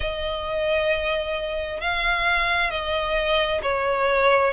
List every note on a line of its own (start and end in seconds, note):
0.00 1.81 D#5
1.81 2.70 F5
2.70 3.61 D#5
3.62 4.53 C#5